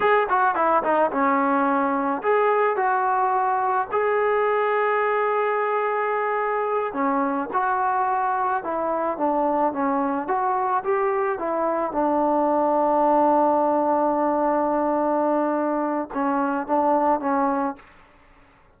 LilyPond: \new Staff \with { instrumentName = "trombone" } { \time 4/4 \tempo 4 = 108 gis'8 fis'8 e'8 dis'8 cis'2 | gis'4 fis'2 gis'4~ | gis'1~ | gis'8 cis'4 fis'2 e'8~ |
e'8 d'4 cis'4 fis'4 g'8~ | g'8 e'4 d'2~ d'8~ | d'1~ | d'4 cis'4 d'4 cis'4 | }